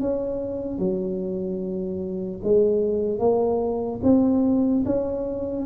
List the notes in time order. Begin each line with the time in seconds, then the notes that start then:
0.00 C#4
0.78 F#3
2.43 G#3
3.19 A#3
4.03 C4
4.85 C#4